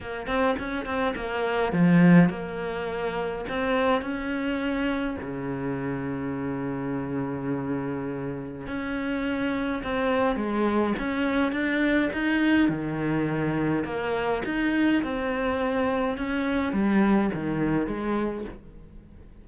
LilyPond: \new Staff \with { instrumentName = "cello" } { \time 4/4 \tempo 4 = 104 ais8 c'8 cis'8 c'8 ais4 f4 | ais2 c'4 cis'4~ | cis'4 cis2.~ | cis2. cis'4~ |
cis'4 c'4 gis4 cis'4 | d'4 dis'4 dis2 | ais4 dis'4 c'2 | cis'4 g4 dis4 gis4 | }